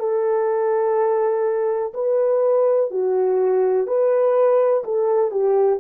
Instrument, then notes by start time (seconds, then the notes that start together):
horn
0.00 A4
1.94 B4
2.91 F#4
3.88 B4
4.84 A4
5.31 G4